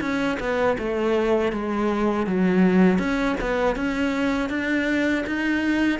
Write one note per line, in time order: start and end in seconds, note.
0.00 0.38 C#4
0.40 0.77 B3
0.78 1.52 A3
1.52 2.27 G#3
2.27 2.98 F#3
2.98 3.36 C#4
3.41 3.76 B3
3.76 4.49 C#4
4.49 5.24 D4
5.26 6.00 D#4